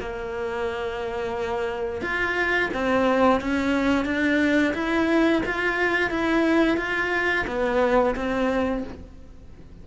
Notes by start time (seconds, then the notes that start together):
0.00 A#3
2.01 F4
2.74 C4
3.41 C#4
4.05 D4
4.74 E4
5.46 F4
6.10 E4
6.77 F4
7.47 B3
8.16 C4